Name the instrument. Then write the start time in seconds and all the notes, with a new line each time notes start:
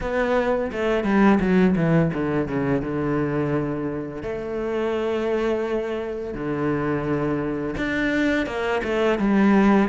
cello
0.00 B3
0.72 A3
1.04 G3
1.40 F#3
1.76 E3
2.13 D3
2.48 C#3
2.81 D3
4.22 A3
6.33 D3
7.76 D4
8.46 A#3
8.83 A3
9.18 G3